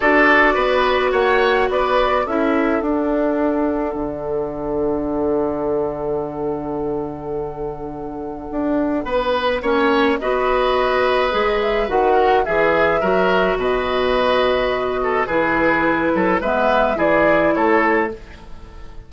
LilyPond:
<<
  \new Staff \with { instrumentName = "flute" } { \time 4/4 \tempo 4 = 106 d''2 fis''4 d''4 | e''4 fis''2.~ | fis''1~ | fis''1~ |
fis''2 dis''2~ | dis''8 e''8 fis''4 e''2 | dis''2. b'4~ | b'4 e''4 d''4 cis''4 | }
  \new Staff \with { instrumentName = "oboe" } { \time 4/4 a'4 b'4 cis''4 b'4 | a'1~ | a'1~ | a'1 |
b'4 cis''4 b'2~ | b'4. ais'8 gis'4 ais'4 | b'2~ b'8 a'8 gis'4~ | gis'8 a'8 b'4 gis'4 a'4 | }
  \new Staff \with { instrumentName = "clarinet" } { \time 4/4 fis'1 | e'4 d'2.~ | d'1~ | d'1~ |
d'4 cis'4 fis'2 | gis'4 fis'4 gis'4 fis'4~ | fis'2. e'4~ | e'4 b4 e'2 | }
  \new Staff \with { instrumentName = "bassoon" } { \time 4/4 d'4 b4 ais4 b4 | cis'4 d'2 d4~ | d1~ | d2. d'4 |
b4 ais4 b2 | gis4 dis4 e4 fis4 | b,2. e4~ | e8 fis8 gis4 e4 a4 | }
>>